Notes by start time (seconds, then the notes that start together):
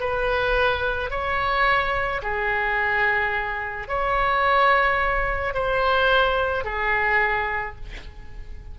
0.00 B4
1.10 C#5
2.22 G#4
3.88 C#5
5.54 C5
6.64 G#4